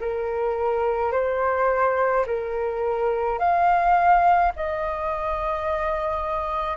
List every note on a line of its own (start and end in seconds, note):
0.00 1.12 A#4
1.12 2.25 C5
2.26 3.39 A#4
3.39 4.52 F5
4.56 6.77 D#5